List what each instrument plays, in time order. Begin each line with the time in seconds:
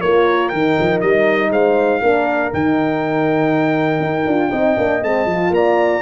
0.00 tuba A#3, horn F4 A#4, trumpet C#5
0.49 tuba D#3, horn D#4, trumpet G5
0.80 tuba F3
1.01 tuba G3, trumpet D#5
1.50 tuba G#3, horn C5, trumpet F5
2.01 tuba A#3, horn D4 A#4
2.53 tuba D#3, horn D#4, trumpet G5
4.00 tuba D#4
4.27 tuba D4, horn F4
4.50 tuba C4, horn D#4 D#5
4.76 tuba A#3, horn D4
5.02 tuba G#3, horn C4, trumpet A5
5.26 tuba F3, horn F4
5.50 tuba A#3, horn D5, trumpet A#5